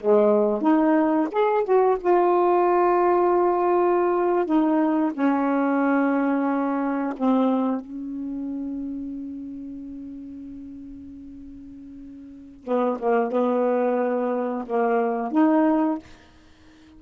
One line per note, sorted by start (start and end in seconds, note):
0.00 0.61 G#3
0.61 1.28 D#4
1.31 1.64 G#4
1.64 1.97 F#4
2.00 4.45 F4
4.45 5.12 D#4
5.14 7.14 C#4
7.17 7.80 C4
7.80 12.64 C#4
12.64 12.97 B3
12.99 13.32 A#3
13.32 14.65 B3
14.66 15.32 A#3
15.32 15.98 D#4